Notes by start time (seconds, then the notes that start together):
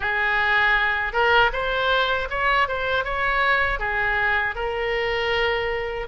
0.00 G#4
1.12 A#4
1.52 C5
2.30 C#5
2.68 C5
3.04 C#5
3.79 G#4
4.55 A#4